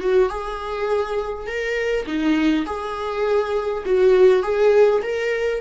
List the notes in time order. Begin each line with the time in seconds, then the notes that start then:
0.00 F#4
0.29 G#4
1.46 A#4
2.06 D#4
2.66 G#4
3.85 F#4
4.43 G#4
5.02 A#4